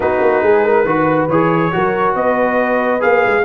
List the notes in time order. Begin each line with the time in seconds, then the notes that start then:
0.00 B3 D#4 F#4 B4
0.20 A#3
0.42 G#3 G#4
0.64 A#4
0.84 D#3 F#4 B4
1.28 E3 G#4 C#5
1.72 F#3 F#4 A#4
2.15 B3 B4 D#5
3.00 A#3 G#4 F5
3.26 G#3